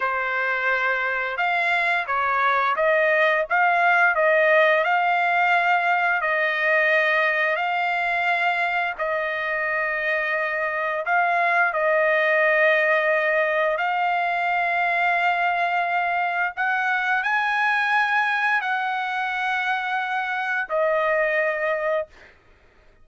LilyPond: \new Staff \with { instrumentName = "trumpet" } { \time 4/4 \tempo 4 = 87 c''2 f''4 cis''4 | dis''4 f''4 dis''4 f''4~ | f''4 dis''2 f''4~ | f''4 dis''2. |
f''4 dis''2. | f''1 | fis''4 gis''2 fis''4~ | fis''2 dis''2 | }